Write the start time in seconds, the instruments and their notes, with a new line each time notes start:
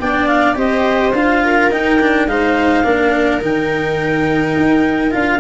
0.00 tuba B3, cello D4, viola D5, clarinet G5
0.27 clarinet F5
0.55 tuba C4, cello G4, viola C5, clarinet D#5
1.13 tuba D4, cello F4, clarinet F5
1.44 viola A#4
1.71 cello D#4, tuba D#4, clarinet G5
2.00 cello D4
2.26 tuba G#3, cello D#4, viola C5, clarinet F5
2.84 tuba A#3, cello D4, viola A#4
3.41 tuba D#3, cello D#4, clarinet G5
4.56 tuba D#4
5.11 tuba D4, cello F4, clarinet F5